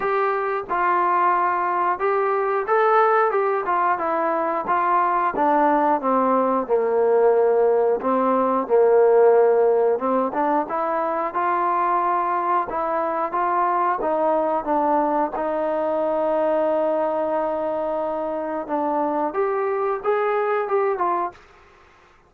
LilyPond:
\new Staff \with { instrumentName = "trombone" } { \time 4/4 \tempo 4 = 90 g'4 f'2 g'4 | a'4 g'8 f'8 e'4 f'4 | d'4 c'4 ais2 | c'4 ais2 c'8 d'8 |
e'4 f'2 e'4 | f'4 dis'4 d'4 dis'4~ | dis'1 | d'4 g'4 gis'4 g'8 f'8 | }